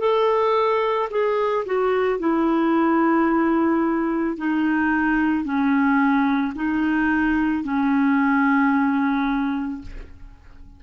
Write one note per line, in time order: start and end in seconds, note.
0.00 1.09 A4
1.11 1.66 G#4
1.66 2.20 F#4
2.20 4.38 E4
4.38 5.44 D#4
5.44 6.54 C#4
6.56 7.64 D#4
7.64 9.82 C#4